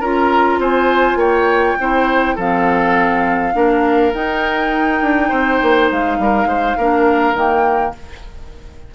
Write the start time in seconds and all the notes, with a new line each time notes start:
0.00 C#4 F4 A#4 A#5
0.59 C4 C5 G#5
1.15 A#3 C#5 G5
1.79 C4 E4 C5
2.35 F3 C4 A4 F5
3.53 A#3 D4 A#4
4.13 D#4 G5
5.01 D4
5.29 C4 C5
5.62 A#3
5.91 G#3 F5
6.19 G3 A#4
6.45 G#3 C5
6.77 A#3 D4 A#4
7.33 D#3 A#3 G5